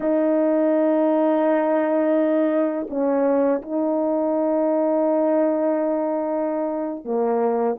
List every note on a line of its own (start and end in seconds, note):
0.00 2.87 D#4
2.89 3.61 C#4
3.62 7.04 D#4
7.04 7.76 A#3